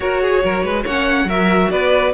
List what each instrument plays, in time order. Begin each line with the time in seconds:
0.00 cello F#4, viola F#4, violin A#4 C#5
0.22 violin G#4
0.44 cello F#3, violin A#4
0.63 cello G#3, violin B4
0.83 cello A#3, viola C#4, violin C#5 F#5
1.24 cello F#3, viola F#4, violin A#4 E5
1.71 cello B3, violin B4 D5